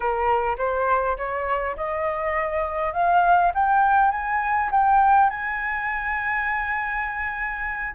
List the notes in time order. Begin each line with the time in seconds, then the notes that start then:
0.00 A#4
0.57 C5
1.17 C#5
1.76 D#5
2.93 F5
3.54 G5
4.11 G#5
4.71 G5
5.29 G#5